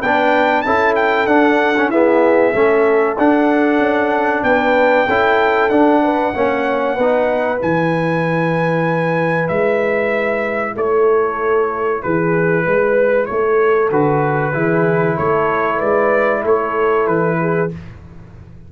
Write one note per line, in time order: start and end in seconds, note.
0.00 0.65 B3
0.00 0.65 D4
0.00 0.63 B4
0.00 0.62 G5
0.62 1.26 C#4
0.62 1.27 E4
0.62 1.92 A4
0.62 0.93 A5
0.95 1.27 G5
1.26 1.89 D4
1.26 1.75 D4
1.26 1.90 F#5
1.77 1.92 C#4
1.89 2.53 B3
1.89 2.52 E4
1.89 2.54 G#4
1.89 3.17 E5
2.53 3.17 A3
2.53 3.17 C#4
2.53 4.43 A4
3.18 3.79 D4
3.18 5.08 D4
3.18 4.43 F#5
3.79 4.42 C#4
4.43 5.06 B3
4.43 5.06 B4
4.43 5.69 G5
5.06 5.69 C#4
5.06 5.70 E4
5.06 6.01 A4
5.69 6.32 D4
5.69 6.33 D4
5.69 7.59 F#5
6.02 6.34 B4
6.34 6.98 A#3
6.34 6.97 C#4
6.34 6.95 C#5
6.95 7.61 B3
6.95 7.58 D#4
6.95 10.74 B4
7.58 9.49 E3
7.58 13.89 E4
7.58 9.48 G#5
9.48 10.76 G#3
9.48 10.74 E5
10.75 12.02 A3
10.75 12.02 A4
10.75 12.02 C#5
12.02 12.66 E3
12.02 12.64 G#4
12.02 13.26 B4
12.64 13.29 G#3
12.64 13.27 B4
13.26 13.90 A3
13.26 14.54 A4
13.26 13.89 C#5
13.90 14.54 D3
13.90 14.53 F#4
13.90 15.17 B4
14.53 15.17 E3
14.53 17.68 E4
14.53 15.17 G#4
15.17 15.81 A3
15.17 15.77 A4
15.17 15.80 C#5
15.77 16.44 G#3
15.77 16.40 B4
15.77 16.43 D5
16.43 17.07 A3
16.43 17.38 A4
16.43 17.07 C#5
17.07 17.70 E3
17.07 17.70 B4
17.41 17.72 G#4